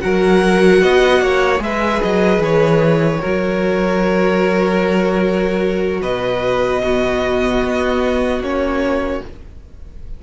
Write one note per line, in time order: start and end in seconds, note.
0.00 0.82 F#3
0.00 1.59 F#4
0.00 0.82 A#4
0.00 1.60 F#5
0.82 1.21 B3
0.82 1.22 D#5
1.21 1.60 A#3
1.21 1.62 C#5
1.59 2.00 G#3
1.59 3.19 G#4
1.59 3.21 B4
1.59 2.02 E5
2.02 2.39 F#3
2.02 2.42 D#5
2.39 3.19 E3
2.39 6.03 C#5
3.21 6.02 F#3
3.21 6.83 F#4
3.21 6.01 A#4
6.02 7.62 B2
6.02 6.82 B4
6.02 8.43 D#5
6.83 8.43 B3
6.83 9.23 F#4
7.64 8.41 B3
8.41 9.21 A#3
8.41 9.23 C#4
8.41 9.23 C#5